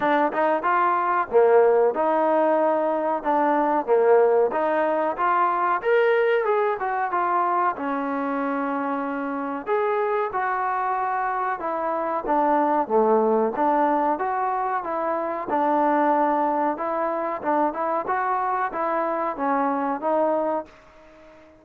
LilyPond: \new Staff \with { instrumentName = "trombone" } { \time 4/4 \tempo 4 = 93 d'8 dis'8 f'4 ais4 dis'4~ | dis'4 d'4 ais4 dis'4 | f'4 ais'4 gis'8 fis'8 f'4 | cis'2. gis'4 |
fis'2 e'4 d'4 | a4 d'4 fis'4 e'4 | d'2 e'4 d'8 e'8 | fis'4 e'4 cis'4 dis'4 | }